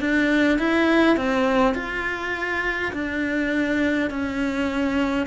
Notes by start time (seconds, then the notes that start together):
0.00 D4
0.59 E4
1.17 C4
1.75 F4
2.94 D4
4.11 C#4